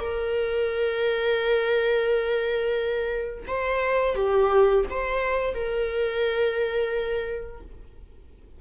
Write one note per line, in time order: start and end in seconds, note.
0.00 3.45 A#4
3.47 4.15 C5
4.15 4.84 G4
4.90 5.55 C5
5.55 7.61 A#4